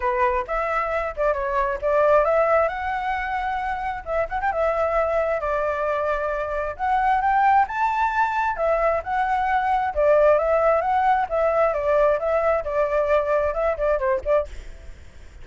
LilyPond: \new Staff \with { instrumentName = "flute" } { \time 4/4 \tempo 4 = 133 b'4 e''4. d''8 cis''4 | d''4 e''4 fis''2~ | fis''4 e''8 fis''16 g''16 e''2 | d''2. fis''4 |
g''4 a''2 e''4 | fis''2 d''4 e''4 | fis''4 e''4 d''4 e''4 | d''2 e''8 d''8 c''8 d''8 | }